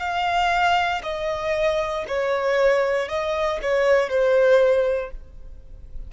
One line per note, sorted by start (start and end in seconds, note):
0.00 1.02 F5
1.03 2.05 D#5
2.08 3.08 C#5
3.08 3.59 D#5
3.62 4.10 C#5
4.10 5.11 C5